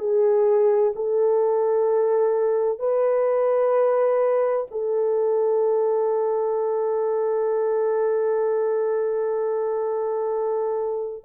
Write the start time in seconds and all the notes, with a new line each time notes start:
0.00 G#4
0.96 A4
2.80 B4
4.72 A4